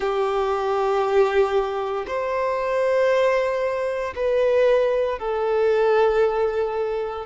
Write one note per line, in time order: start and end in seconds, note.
0.00 2.05 G4
2.07 4.14 C5
4.15 5.19 B4
5.19 7.26 A4